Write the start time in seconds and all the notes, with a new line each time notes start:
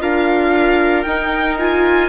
0.00 D4 F4 A#4 F5
1.03 D#4 G5
1.59 F4 G#5